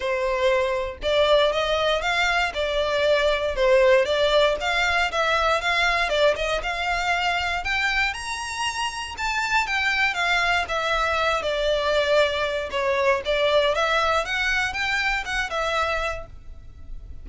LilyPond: \new Staff \with { instrumentName = "violin" } { \time 4/4 \tempo 4 = 118 c''2 d''4 dis''4 | f''4 d''2 c''4 | d''4 f''4 e''4 f''4 | d''8 dis''8 f''2 g''4 |
ais''2 a''4 g''4 | f''4 e''4. d''4.~ | d''4 cis''4 d''4 e''4 | fis''4 g''4 fis''8 e''4. | }